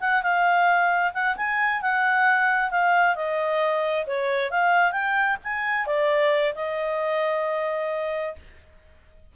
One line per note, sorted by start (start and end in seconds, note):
0.00 0.22 F#5
0.22 1.12 F5
1.13 1.36 F#5
1.36 1.81 G#5
1.81 2.70 F#5
2.70 3.15 F5
3.15 4.05 D#5
4.06 4.50 C#5
4.50 4.92 F5
4.92 5.37 G5
5.43 5.86 G#5
5.86 6.54 D5
6.54 8.35 D#5